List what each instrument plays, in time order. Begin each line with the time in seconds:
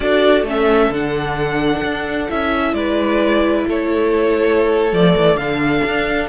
0.00 cello D4, viola F#4, violin A4 D5
0.43 cello A3, viola C#4
0.50 violin E5
0.89 cello D3, viola D4, violin F#5
1.83 cello D4
2.29 cello C#4, viola E4, violin E5
2.73 cello G#3, violin B4 D5
3.67 cello A3, violin A4 C#5
4.92 cello F3, viola A3, violin D5
5.15 cello E3
5.35 cello D3, viola D4, violin F5
5.84 cello D4